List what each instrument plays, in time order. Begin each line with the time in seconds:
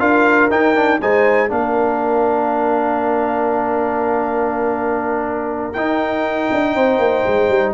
0.00 tuba D4, trombone F4, horn A#4, trumpet F5
0.51 tuba D#4, trombone D#4, trumpet G5
0.76 trombone D4
1.01 tuba G#3, trombone D#4, horn C5, trumpet G#5
1.49 tuba A#3, trombone D4, horn A#4, trumpet F5
5.73 tuba D#4, trombone D#4, trumpet G5
6.53 tuba D4
6.75 tuba C4, horn C5
6.99 tuba A#3
7.27 tuba G#3
7.49 tuba G3